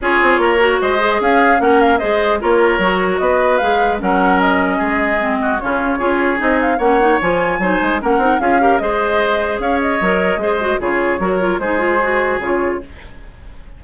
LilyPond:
<<
  \new Staff \with { instrumentName = "flute" } { \time 4/4 \tempo 4 = 150 cis''2 dis''4 f''4 | fis''8 f''8 dis''4 cis''2 | dis''4 f''4 fis''4 dis''4~ | dis''2 cis''2 |
dis''8 f''8 fis''4 gis''2 | fis''4 f''4 dis''2 | f''8 dis''2~ dis''8 cis''4~ | cis''4 c''2 cis''4 | }
  \new Staff \with { instrumentName = "oboe" } { \time 4/4 gis'4 ais'4 c''4 gis'4 | ais'4 c''4 ais'2 | b'2 ais'2 | gis'4. fis'8 f'4 gis'4~ |
gis'4 cis''2 c''4 | ais'4 gis'8 ais'8 c''2 | cis''2 c''4 gis'4 | ais'4 gis'2. | }
  \new Staff \with { instrumentName = "clarinet" } { \time 4/4 f'4. fis'4 gis'4. | cis'4 gis'4 f'4 fis'4~ | fis'4 gis'4 cis'2~ | cis'4 c'4 cis'4 f'4 |
dis'4 cis'8 dis'8 f'4 dis'4 | cis'8 dis'8 f'8 g'8 gis'2~ | gis'4 ais'4 gis'8 fis'8 f'4 | fis'8 f'8 dis'8 f'8 fis'4 f'4 | }
  \new Staff \with { instrumentName = "bassoon" } { \time 4/4 cis'8 c'8 ais4 gis4 cis'4 | ais4 gis4 ais4 fis4 | b4 gis4 fis2 | gis2 cis4 cis'4 |
c'4 ais4 f4 fis8 gis8 | ais8 c'8 cis'4 gis2 | cis'4 fis4 gis4 cis4 | fis4 gis2 cis4 | }
>>